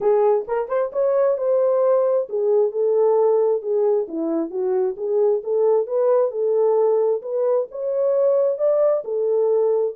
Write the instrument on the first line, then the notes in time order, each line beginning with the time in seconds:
horn
0.00 G#4
0.47 A#4
0.68 C5
0.92 C#5
1.37 C5
2.29 G#4
2.71 A4
3.62 G#4
4.07 E4
4.50 F#4
4.96 G#4
5.43 A4
5.86 B4
6.31 A4
7.22 B4
7.71 C#5
8.58 D5
9.04 A4